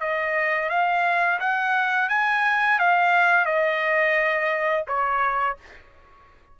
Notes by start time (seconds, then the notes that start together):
0.00 D#5
0.69 F5
1.40 F#5
2.09 G#5
2.79 F5
3.45 D#5
4.87 C#5